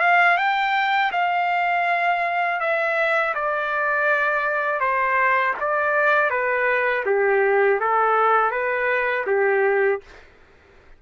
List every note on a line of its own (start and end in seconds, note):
0.00 0.37 F5
0.37 1.11 G5
1.12 2.60 F5
2.60 3.34 E5
3.35 4.80 D5
4.80 5.54 C5
5.60 6.30 D5
6.30 7.04 B4
7.06 7.80 G4
7.80 8.51 A4
8.51 9.25 B4
9.27 10.01 G4